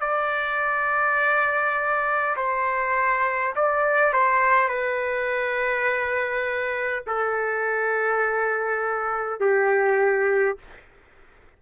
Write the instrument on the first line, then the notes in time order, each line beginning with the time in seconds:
trumpet
0.00 D5
2.36 C5
3.55 D5
4.13 C5
4.68 B4
7.06 A4
9.40 G4